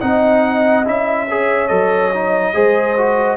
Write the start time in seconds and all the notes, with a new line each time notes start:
0.00 C4 D#4 D#5 F#5
0.85 C#4 E4 E5
1.30 G#4 C#5
1.68 F#3 A4 D#5
2.13 D#4
2.54 G#3 G#4 C5
2.97 F#4